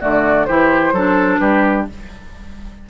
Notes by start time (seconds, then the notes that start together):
0.00 D3 A3 F#4 D5
0.46 E3 E4 G4 C5
0.92 F#3 D4 A4
1.38 G3 G4 B4